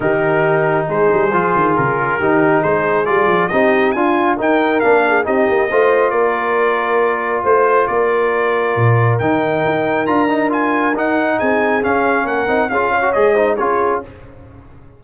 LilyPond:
<<
  \new Staff \with { instrumentName = "trumpet" } { \time 4/4 \tempo 4 = 137 ais'2 c''2 | ais'2 c''4 d''4 | dis''4 gis''4 g''4 f''4 | dis''2 d''2~ |
d''4 c''4 d''2~ | d''4 g''2 ais''4 | gis''4 fis''4 gis''4 f''4 | fis''4 f''4 dis''4 cis''4 | }
  \new Staff \with { instrumentName = "horn" } { \time 4/4 g'2 gis'2~ | gis'4 g'4 gis'2 | g'4 f'4 ais'4. gis'8 | g'4 c''4 ais'2~ |
ais'4 c''4 ais'2~ | ais'1~ | ais'2 gis'2 | ais'4 gis'8 cis''4 c''8 gis'4 | }
  \new Staff \with { instrumentName = "trombone" } { \time 4/4 dis'2. f'4~ | f'4 dis'2 f'4 | dis'4 f'4 dis'4 d'4 | dis'4 f'2.~ |
f'1~ | f'4 dis'2 f'8 dis'8 | f'4 dis'2 cis'4~ | cis'8 dis'8 f'8. fis'16 gis'8 dis'8 f'4 | }
  \new Staff \with { instrumentName = "tuba" } { \time 4/4 dis2 gis8 g8 f8 dis8 | cis4 dis4 gis4 g8 f8 | c'4 d'4 dis'4 ais4 | c'8 ais8 a4 ais2~ |
ais4 a4 ais2 | ais,4 dis4 dis'4 d'4~ | d'4 dis'4 c'4 cis'4 | ais8 c'8 cis'4 gis4 cis'4 | }
>>